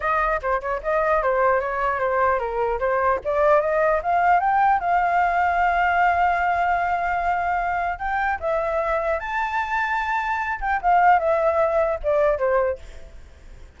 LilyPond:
\new Staff \with { instrumentName = "flute" } { \time 4/4 \tempo 4 = 150 dis''4 c''8 cis''8 dis''4 c''4 | cis''4 c''4 ais'4 c''4 | d''4 dis''4 f''4 g''4 | f''1~ |
f''1 | g''4 e''2 a''4~ | a''2~ a''8 g''8 f''4 | e''2 d''4 c''4 | }